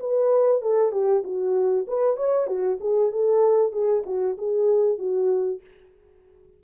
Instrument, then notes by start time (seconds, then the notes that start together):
horn
0.00 B4
0.62 A4
0.92 G4
1.24 F#4
1.88 B4
2.17 C#5
2.47 F#4
2.80 G#4
3.12 A4
3.72 G#4
4.06 F#4
4.38 G#4
4.98 F#4